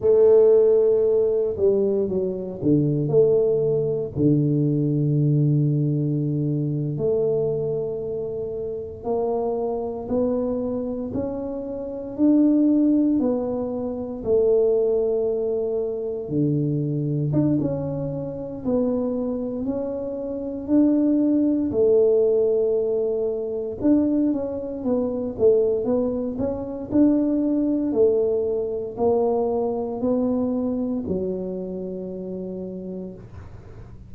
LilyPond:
\new Staff \with { instrumentName = "tuba" } { \time 4/4 \tempo 4 = 58 a4. g8 fis8 d8 a4 | d2~ d8. a4~ a16~ | a8. ais4 b4 cis'4 d'16~ | d'8. b4 a2 d16~ |
d8. d'16 cis'4 b4 cis'4 | d'4 a2 d'8 cis'8 | b8 a8 b8 cis'8 d'4 a4 | ais4 b4 fis2 | }